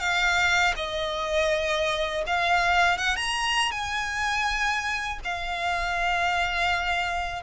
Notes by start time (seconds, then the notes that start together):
0.00 F5
0.76 D#5
2.27 F5
2.98 F#5
3.16 A#5
3.71 G#5
5.24 F5